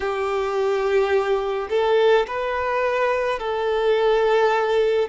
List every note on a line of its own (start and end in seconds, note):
0.00 1.68 G4
1.69 2.26 A4
2.26 3.39 B4
3.39 5.08 A4